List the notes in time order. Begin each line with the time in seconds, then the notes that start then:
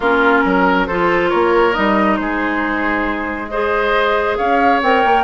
0.00 A#3 C#4 F4 A#4
0.44 F#3 A#4
0.86 F3 F4 A4 C5
1.29 A#3 A#4 C#5
1.73 G3 D#4 D#5
2.16 G#3 G#4 C5
3.48 G#4 C5 D#5
4.37 C#4 C#5 F5
4.82 C4 A#4 G5
5.04 A#3